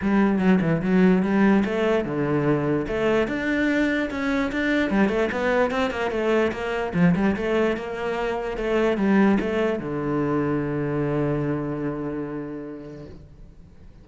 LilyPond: \new Staff \with { instrumentName = "cello" } { \time 4/4 \tempo 4 = 147 g4 fis8 e8 fis4 g4 | a4 d2 a4 | d'2 cis'4 d'4 | g8 a8 b4 c'8 ais8 a4 |
ais4 f8 g8 a4 ais4~ | ais4 a4 g4 a4 | d1~ | d1 | }